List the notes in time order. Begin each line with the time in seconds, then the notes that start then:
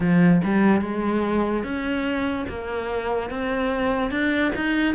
0.00 F3
0.43 G3
0.81 G#3
1.63 C#4
2.48 A#3
3.30 C4
4.10 D4
4.55 D#4